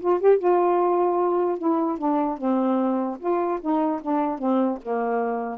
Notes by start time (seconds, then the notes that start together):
0.00 F4
0.20 G4
0.39 F4
1.58 E4
1.98 D4
2.37 C4
3.19 F4
3.61 D#4
4.02 D4
4.39 C4
4.83 A#3